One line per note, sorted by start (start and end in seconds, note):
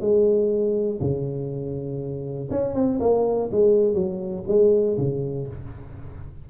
0.00 0.99 G#3
1.00 2.49 C#3
2.50 2.74 C#4
2.74 2.99 C4
3.00 3.49 A#3
3.51 3.94 G#3
3.94 4.43 F#3
4.47 4.97 G#3
4.97 5.47 C#3